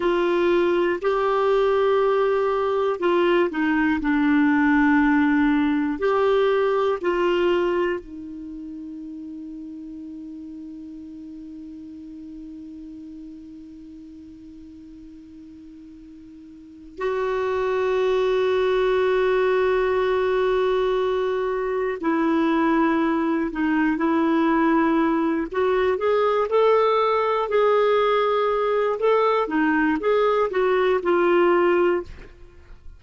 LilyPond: \new Staff \with { instrumentName = "clarinet" } { \time 4/4 \tempo 4 = 60 f'4 g'2 f'8 dis'8 | d'2 g'4 f'4 | dis'1~ | dis'1~ |
dis'4 fis'2.~ | fis'2 e'4. dis'8 | e'4. fis'8 gis'8 a'4 gis'8~ | gis'4 a'8 dis'8 gis'8 fis'8 f'4 | }